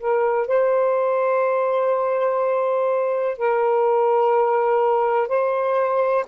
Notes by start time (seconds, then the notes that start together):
0.00 A#4
0.48 C5
3.38 A#4
5.28 C5